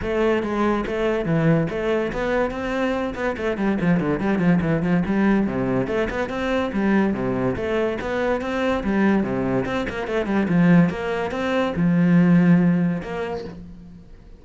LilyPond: \new Staff \with { instrumentName = "cello" } { \time 4/4 \tempo 4 = 143 a4 gis4 a4 e4 | a4 b4 c'4. b8 | a8 g8 f8 d8 g8 f8 e8 f8 | g4 c4 a8 b8 c'4 |
g4 c4 a4 b4 | c'4 g4 c4 c'8 ais8 | a8 g8 f4 ais4 c'4 | f2. ais4 | }